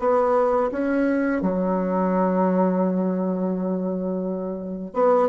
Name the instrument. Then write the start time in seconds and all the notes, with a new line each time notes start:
bassoon
0.00 B3
0.72 C#4
1.42 F#3
4.94 B3